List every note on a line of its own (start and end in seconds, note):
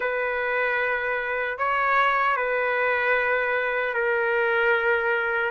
0.00 1.58 B4
1.58 2.36 C#5
2.36 3.94 B4
3.94 5.51 A#4